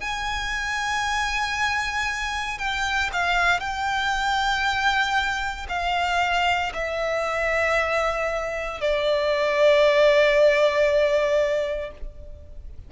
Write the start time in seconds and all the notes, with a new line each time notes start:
0.00 G#5
2.58 G5
3.13 F5
3.60 G5
5.69 F5
6.74 E5
8.81 D5